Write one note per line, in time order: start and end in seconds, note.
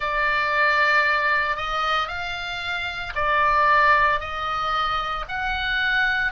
0.00 1.56 D5
1.56 2.08 D#5
2.08 3.13 F5
3.15 4.20 D5
4.20 5.25 D#5
5.28 6.32 F#5